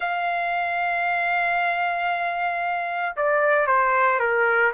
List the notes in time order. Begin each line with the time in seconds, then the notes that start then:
0.00 F5
3.16 D5
3.67 C5
4.19 A#4